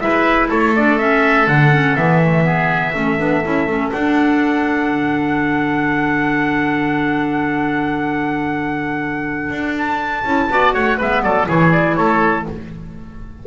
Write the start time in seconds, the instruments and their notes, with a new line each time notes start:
0.00 double bass G#3, clarinet E4, oboe B4, trumpet E5
0.49 double bass A3, oboe A4, trumpet C#5
0.75 clarinet D4, trumpet D5
0.98 clarinet C#4, trumpet E5
1.47 double bass D3, clarinet D4, trumpet F#5
1.73 clarinet C#4
1.96 double bass E3, clarinet B3, trumpet E5
2.22 clarinet A3
2.43 clarinet B3, oboe G#4
2.93 double bass A3, clarinet C#4, oboe A4
3.18 double bass B3, clarinet D4
3.44 double bass C#4, clarinet E4
3.66 double bass A3, clarinet C#4
3.92 double bass D4, clarinet D4, trumpet F#5
4.90 double bass D3
9.50 double bass D4
9.78 trumpet A5
10.24 double bass C#4, clarinet E4
10.49 double bass B3, clarinet F#4, oboe D5
10.73 double bass A3, oboe C#5, trumpet F#5
10.97 double bass G#3, clarinet B3, oboe B4, trumpet E5
11.22 double bass F#3, oboe A4, trumpet D5
11.46 double bass E3, clarinet E4, oboe G#4, trumpet C#5
11.72 trumpet D5
11.96 double bass A3, oboe A4, trumpet C#5